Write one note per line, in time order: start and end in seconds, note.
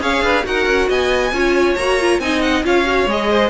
0.00 0.21 C#4
0.00 0.43 G#4
0.00 0.23 C#5
0.00 0.45 F5
0.21 0.43 D4
0.21 0.45 B4
0.43 0.66 D#4
0.43 1.31 F#4
0.43 0.88 A#4
0.43 0.90 F#5
0.66 0.88 C#4
0.88 1.32 B3
0.88 1.32 D#5
0.88 1.75 G#5
1.32 1.75 C#4
1.32 1.77 F4
1.32 2.21 C#5
1.75 2.19 A#3
1.75 2.00 F#4
1.75 2.19 A#5
2.00 2.21 F4
2.19 2.63 C4
2.19 2.63 D#4
2.19 2.65 D#5
2.19 2.41 G#5
2.41 2.63 F#5
2.63 3.05 C#4
2.63 2.84 F4
2.63 3.30 C#5
2.63 3.09 F5
2.84 3.06 F#4
3.05 3.49 G#3
3.05 3.49 G#4
3.05 3.49 D#5
3.30 3.49 C5